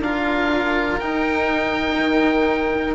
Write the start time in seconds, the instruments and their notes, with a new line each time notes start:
0.00 bassoon D4, cello F4, violin A#4, oboe F5
0.99 cello D#4, bassoon D#4, oboe G5
1.98 bassoon D#3